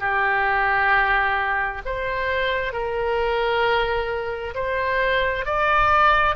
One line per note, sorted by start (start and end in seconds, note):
0.00 1.82 G4
1.86 2.73 C5
2.73 4.55 A#4
4.55 5.45 C5
5.45 6.36 D5